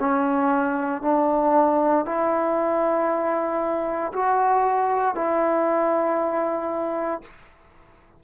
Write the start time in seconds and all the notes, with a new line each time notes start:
0.00 C#4
1.03 D4
2.06 E4
4.14 F#4
5.15 E4